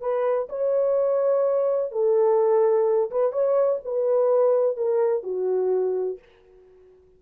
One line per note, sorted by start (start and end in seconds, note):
0.00 0.48 B4
0.49 1.91 C#5
1.91 3.10 A4
3.11 3.32 B4
3.32 3.79 C#5
3.85 4.76 B4
4.76 5.23 A#4
5.23 6.18 F#4